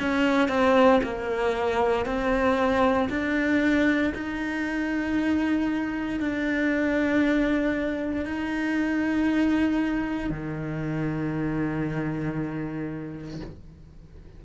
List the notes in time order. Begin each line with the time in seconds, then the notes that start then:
0.00 C#4
0.49 C4
1.03 A#3
2.05 C4
3.10 D4
4.14 D#4
6.20 D4
8.25 D#4
10.30 D#3